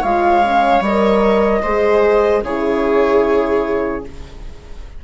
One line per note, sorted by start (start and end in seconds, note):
0.00 0.80 G#3
0.00 0.43 F4
0.00 1.60 C#5
0.00 0.82 F5
0.43 0.83 C#4
0.80 1.60 G3
0.80 1.64 A#4
0.80 2.43 D#5
1.61 2.43 G#3
1.61 2.44 G#4
1.61 2.41 C5
2.43 4.03 C#3
2.43 4.04 E4
2.43 4.04 G#4
2.43 4.04 C#5